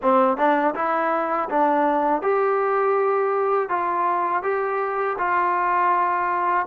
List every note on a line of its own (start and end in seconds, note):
0.02 0.37 C4
0.37 0.74 D4
0.74 1.48 E4
1.49 2.22 D4
2.22 3.69 G4
3.69 4.42 F4
4.42 5.16 G4
5.18 6.66 F4